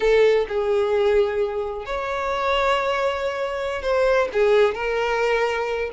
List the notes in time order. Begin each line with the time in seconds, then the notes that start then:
0.00 A4
0.48 G#4
1.85 C#5
3.82 C5
4.33 G#4
4.74 A#4